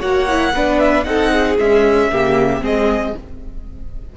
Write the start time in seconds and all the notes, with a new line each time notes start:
0.00 A#3 F#4 C#5 F#5
0.28 E4
0.54 B3 D4 B4
0.79 E5
1.04 C4 D#4 A4 F#5
1.33 G#4
1.58 G#3 C#4 E5
2.11 C#3 A#3 G4
2.61 G#3 C4 G#4 D#5